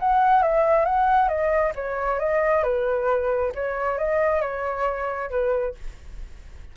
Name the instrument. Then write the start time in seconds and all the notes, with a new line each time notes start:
flute
0.00 F#5
0.43 E5
0.86 F#5
1.29 D#5
1.76 C#5
2.20 D#5
2.64 B4
3.56 C#5
3.98 D#5
4.42 C#5
5.31 B4